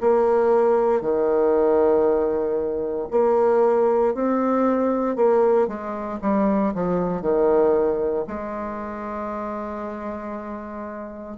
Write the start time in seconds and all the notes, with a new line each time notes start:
0.00 A#3
1.01 D#3
3.10 A#3
4.14 C4
5.15 A#3
5.67 G#3
6.21 G3
6.74 F3
7.21 D#3
8.27 G#3